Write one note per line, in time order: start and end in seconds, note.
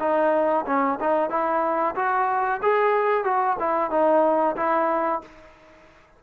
0.00 0.65 D#4
0.67 0.99 C#4
1.00 1.30 D#4
1.30 1.95 E4
1.96 2.61 F#4
2.63 3.24 G#4
3.24 3.57 F#4
3.60 3.91 E4
3.91 4.56 D#4
4.57 5.22 E4